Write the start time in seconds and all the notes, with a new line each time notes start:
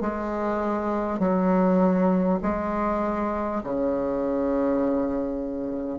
0.00 G#3
1.19 F#3
2.42 G#3
3.63 C#3